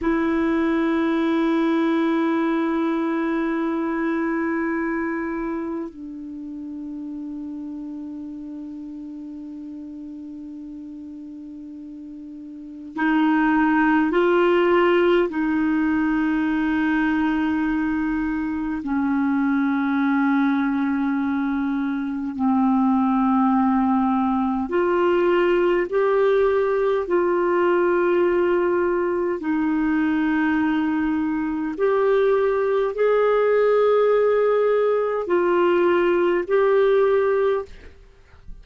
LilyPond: \new Staff \with { instrumentName = "clarinet" } { \time 4/4 \tempo 4 = 51 e'1~ | e'4 d'2.~ | d'2. dis'4 | f'4 dis'2. |
cis'2. c'4~ | c'4 f'4 g'4 f'4~ | f'4 dis'2 g'4 | gis'2 f'4 g'4 | }